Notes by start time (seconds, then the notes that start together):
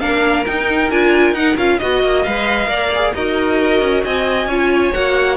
0.00 A#3 D4 A#4 F5
0.46 D#4 G5
0.91 D4 F4 G#5
1.32 D#4 F#5
1.57 C#4 F4 F5
1.79 B3 F#4 D#5
2.04 A#3
2.24 G#3 B4 F5
2.67 A#3 A#4 D5
2.95 G#4
3.15 D#4 F#4 A#4 D#5
3.81 C#4
4.04 C4 D#5 G#5
4.46 C#4 F4 C#5
4.93 A#3 F#4 F#5